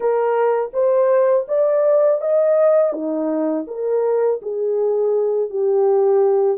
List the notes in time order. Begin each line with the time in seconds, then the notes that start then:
0.00 A#4
0.73 C5
1.48 D5
2.21 D#5
2.92 D#4
3.67 A#4
4.42 G#4
5.50 G4